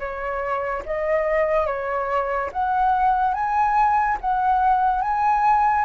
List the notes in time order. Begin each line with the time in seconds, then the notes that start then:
0.00 C#5
0.86 D#5
1.67 C#5
2.53 F#5
3.34 G#5
4.21 F#5
5.02 G#5